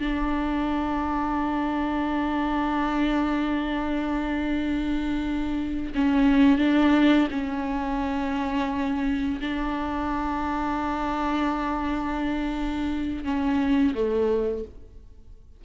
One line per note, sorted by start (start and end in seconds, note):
0.00 5.93 D4
5.95 6.58 C#4
6.58 7.28 D4
7.31 9.40 C#4
9.41 13.25 D4
13.25 13.94 C#4
13.94 14.64 A3